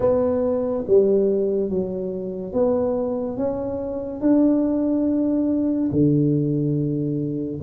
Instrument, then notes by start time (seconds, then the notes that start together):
tuba
0.00 B3
0.87 G3
1.69 F#3
2.52 B3
3.37 C#4
4.20 D4
5.91 D3